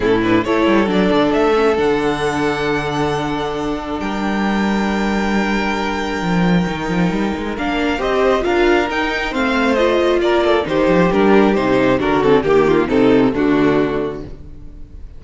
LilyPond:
<<
  \new Staff \with { instrumentName = "violin" } { \time 4/4 \tempo 4 = 135 a'8 b'8 cis''4 d''4 e''4 | fis''1~ | fis''4 g''2.~ | g''1~ |
g''4 f''4 dis''4 f''4 | g''4 f''4 dis''4 d''4 | c''4 ais'4 c''4 ais'8 a'8 | g'4 a'4 fis'2 | }
  \new Staff \with { instrumentName = "violin" } { \time 4/4 e'4 a'2.~ | a'1~ | a'4 ais'2.~ | ais'1~ |
ais'2 c''4 ais'4~ | ais'4 c''2 ais'8 a'8 | g'2. fis'4 | g'8 f'8 dis'4 d'2 | }
  \new Staff \with { instrumentName = "viola" } { \time 4/4 cis'8 d'8 e'4 d'4. cis'8 | d'1~ | d'1~ | d'2. dis'4~ |
dis'4 d'4 g'4 f'4 | dis'4 c'4 f'2 | dis'4 d'4 dis'4 d'8 c'8 | ais4 c'4 a2 | }
  \new Staff \with { instrumentName = "cello" } { \time 4/4 a,4 a8 g8 fis8 d8 a4 | d1~ | d4 g2.~ | g2 f4 dis8 f8 |
g8 gis8 ais4 c'4 d'4 | dis'4 a2 ais4 | dis8 f8 g4 c4 d4 | dis4 c4 d2 | }
>>